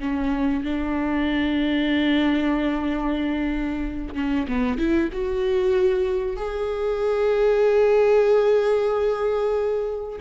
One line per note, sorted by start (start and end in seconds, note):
0.00 0.64 C#4
0.64 4.15 D4
4.15 4.47 C#4
4.48 4.78 B3
4.78 5.10 E4
5.13 6.37 F#4
6.37 10.20 G#4